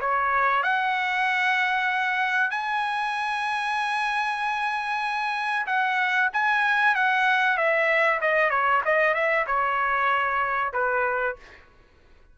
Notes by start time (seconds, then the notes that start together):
0.00 C#5
0.63 F#5
2.51 G#5
5.66 F#5
6.33 G#5
6.95 F#5
7.57 E5
8.21 D#5
8.50 C#5
8.85 D#5
9.14 E5
9.47 C#5
10.73 B4